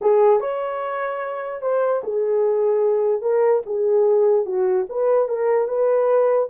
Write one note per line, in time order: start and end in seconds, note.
0.01 0.40 G#4
0.40 1.61 C#5
1.61 2.02 C5
2.03 3.21 G#4
3.21 3.62 A#4
3.66 4.45 G#4
4.45 4.86 F#4
4.89 5.28 B4
5.28 5.68 A#4
5.68 6.49 B4